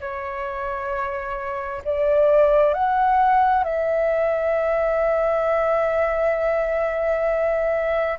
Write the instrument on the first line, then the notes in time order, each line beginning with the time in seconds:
flute
0.00 C#5
1.84 D5
2.74 F#5
3.64 E5